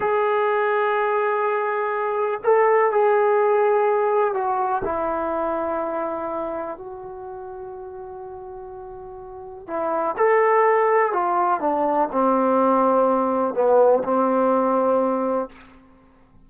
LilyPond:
\new Staff \with { instrumentName = "trombone" } { \time 4/4 \tempo 4 = 124 gis'1~ | gis'4 a'4 gis'2~ | gis'4 fis'4 e'2~ | e'2 fis'2~ |
fis'1 | e'4 a'2 f'4 | d'4 c'2. | b4 c'2. | }